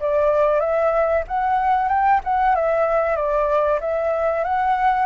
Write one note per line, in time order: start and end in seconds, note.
0.00 0.60 D5
0.60 1.24 E5
1.28 1.89 F#5
1.89 2.21 G5
2.24 2.55 F#5
2.55 3.16 E5
3.16 3.80 D5
3.80 4.44 E5
4.44 5.06 F#5